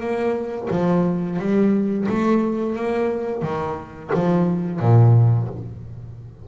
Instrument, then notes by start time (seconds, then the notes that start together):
double bass
0.00 A#3
0.71 F3
1.39 G3
2.08 A3
2.76 A#3
3.42 D#3
4.14 F3
4.80 A#2